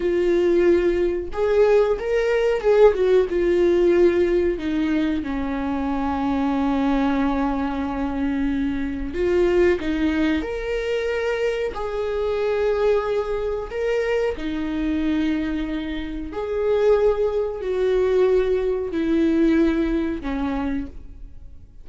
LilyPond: \new Staff \with { instrumentName = "viola" } { \time 4/4 \tempo 4 = 92 f'2 gis'4 ais'4 | gis'8 fis'8 f'2 dis'4 | cis'1~ | cis'2 f'4 dis'4 |
ais'2 gis'2~ | gis'4 ais'4 dis'2~ | dis'4 gis'2 fis'4~ | fis'4 e'2 cis'4 | }